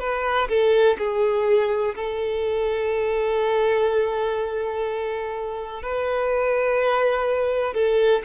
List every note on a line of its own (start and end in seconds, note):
0.00 0.48 B4
0.49 0.97 A4
0.98 1.95 G#4
1.95 5.82 A4
5.83 7.74 B4
7.74 8.22 A4